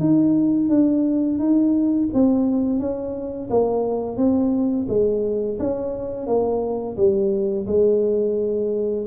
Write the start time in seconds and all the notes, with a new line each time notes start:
0.00 D#4
0.70 D4
1.39 D#4
2.14 C4
2.80 C#4
3.50 A#3
4.17 C4
4.89 G#3
5.59 C#4
6.27 A#3
6.97 G3
7.67 G#3